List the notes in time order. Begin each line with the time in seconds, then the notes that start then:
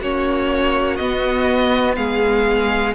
0.00 A#3 C#4 F#4 C#5
0.97 B3 D#5
1.96 G#3 G#4 F5